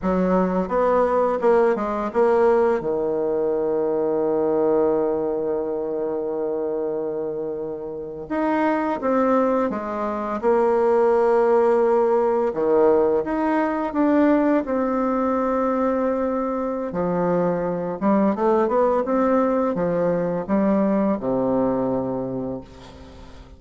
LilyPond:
\new Staff \with { instrumentName = "bassoon" } { \time 4/4 \tempo 4 = 85 fis4 b4 ais8 gis8 ais4 | dis1~ | dis2.~ dis8. dis'16~ | dis'8. c'4 gis4 ais4~ ais16~ |
ais4.~ ais16 dis4 dis'4 d'16~ | d'8. c'2.~ c'16 | f4. g8 a8 b8 c'4 | f4 g4 c2 | }